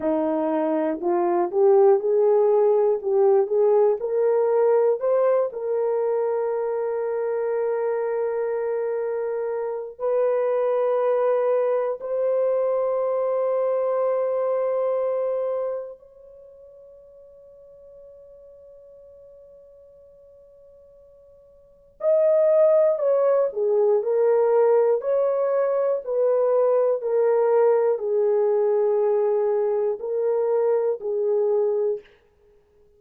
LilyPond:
\new Staff \with { instrumentName = "horn" } { \time 4/4 \tempo 4 = 60 dis'4 f'8 g'8 gis'4 g'8 gis'8 | ais'4 c''8 ais'2~ ais'8~ | ais'2 b'2 | c''1 |
cis''1~ | cis''2 dis''4 cis''8 gis'8 | ais'4 cis''4 b'4 ais'4 | gis'2 ais'4 gis'4 | }